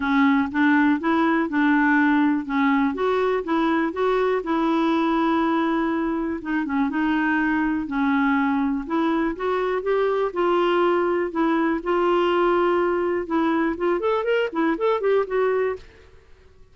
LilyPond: \new Staff \with { instrumentName = "clarinet" } { \time 4/4 \tempo 4 = 122 cis'4 d'4 e'4 d'4~ | d'4 cis'4 fis'4 e'4 | fis'4 e'2.~ | e'4 dis'8 cis'8 dis'2 |
cis'2 e'4 fis'4 | g'4 f'2 e'4 | f'2. e'4 | f'8 a'8 ais'8 e'8 a'8 g'8 fis'4 | }